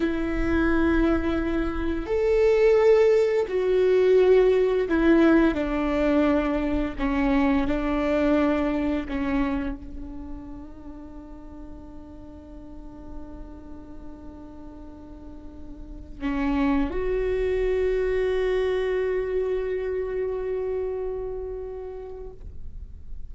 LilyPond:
\new Staff \with { instrumentName = "viola" } { \time 4/4 \tempo 4 = 86 e'2. a'4~ | a'4 fis'2 e'4 | d'2 cis'4 d'4~ | d'4 cis'4 d'2~ |
d'1~ | d'2.~ d'16 cis'8.~ | cis'16 fis'2.~ fis'8.~ | fis'1 | }